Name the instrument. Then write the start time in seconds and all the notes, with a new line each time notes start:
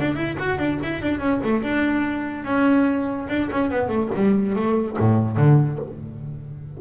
double bass
0.00 D4
0.15 E4
0.38 F#4
0.58 D4
0.83 E4
1.02 D4
1.19 C#4
1.43 A3
1.63 D4
2.44 C#4
3.28 D4
3.51 C#4
3.70 B3
3.87 A3
4.15 G3
4.55 A3
4.98 A2
5.37 D3